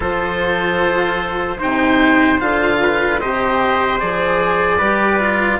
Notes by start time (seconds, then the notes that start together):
0.00 F3 F4 A4 C5
1.58 C3 D#4 C5 G5
2.39 D3 F4 F5
2.82 B4
3.20 C3 G4 C5 D#5
3.99 F3 G#4 D5
4.77 G3 G4 B4
5.20 F4